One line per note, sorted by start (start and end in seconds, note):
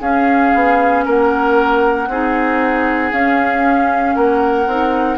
0.00 0.52 C#4
0.00 2.08 C#4
0.00 1.04 G#4
0.00 1.04 F5
0.54 1.06 B3
1.05 2.08 A#3
1.05 2.08 A#4
1.05 3.13 F#5
2.08 3.11 C4
2.08 3.12 D#4
2.08 4.15 G#4
3.12 4.15 C#4
3.12 4.67 C#4
3.12 4.15 F5
4.15 4.67 A#3
4.15 5.17 A#4
4.15 5.17 F#5
4.67 5.17 C4
4.67 5.17 D#4